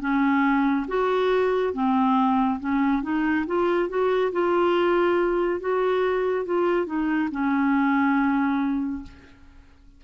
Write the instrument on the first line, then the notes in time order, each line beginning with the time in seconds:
clarinet
0.00 C#4
0.87 F#4
1.73 C4
2.59 C#4
3.02 D#4
3.46 F4
3.88 F#4
4.32 F4
5.60 F#4
6.45 F4
6.86 D#4
7.31 C#4